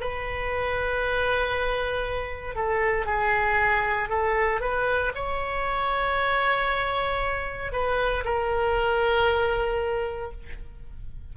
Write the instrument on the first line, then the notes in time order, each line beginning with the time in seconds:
oboe
0.00 B4
2.55 A4
3.06 G#4
4.09 A4
4.60 B4
5.15 C#5
7.72 B4
8.24 A#4